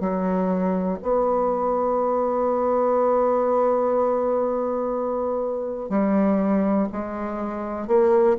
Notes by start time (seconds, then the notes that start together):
0.00 F#3
1.02 B3
5.90 G3
6.93 G#3
7.87 A#3